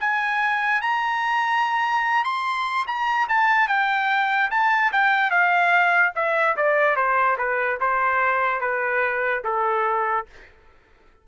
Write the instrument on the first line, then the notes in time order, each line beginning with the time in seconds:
trumpet
0.00 G#5
0.81 A#5
2.24 C6
2.87 A#5
3.28 A5
3.68 G5
4.51 A5
4.92 G5
5.31 F5
6.15 E5
6.57 D5
6.96 C5
7.38 B4
7.80 C5
8.61 B4
9.44 A4